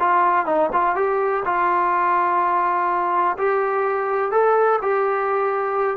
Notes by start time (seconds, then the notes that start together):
0.00 F4
0.46 D#4
0.73 F4
0.95 G4
1.45 F4
3.38 G4
4.32 A4
4.82 G4